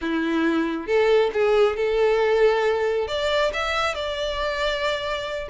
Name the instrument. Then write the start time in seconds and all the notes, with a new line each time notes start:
violin
0.01 E4
0.86 A4
1.33 G#4
1.76 A4
3.07 D5
3.53 E5
3.95 D5